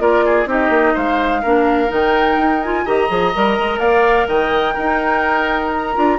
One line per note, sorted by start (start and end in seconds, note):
0.00 0.46 A#3
0.00 0.47 F4
0.00 0.25 A#4
0.00 0.48 D5
0.26 0.49 G#4
0.46 0.70 C4
0.46 1.42 D#4
0.46 0.94 G4
0.46 0.98 D#5
0.70 0.94 A#3
0.94 1.44 G#3
0.94 1.42 C5
0.94 1.93 F5
1.42 1.91 A#3
1.42 1.88 D4
1.42 2.85 A#4
1.88 2.37 D#3
1.88 2.60 D#4
1.88 2.63 G5
2.37 2.85 D#4
2.63 2.87 F4
2.63 2.87 G#5
2.86 3.10 D#3
2.86 3.09 G4
2.86 3.80 D#5
2.86 3.80 A#5
3.09 3.34 F3
3.09 3.32 G#4
3.35 3.59 G3
3.35 4.77 A#4
3.59 3.79 G#3
3.79 4.27 A#3
3.79 4.28 D5
3.79 4.27 F5
4.28 4.76 D#3
4.28 4.74 D#5
4.28 5.72 G5
4.74 5.95 D#4
4.74 5.97 D#4
4.74 6.17 A#4
5.72 6.19 A#5
5.95 6.19 D4
5.95 6.19 F4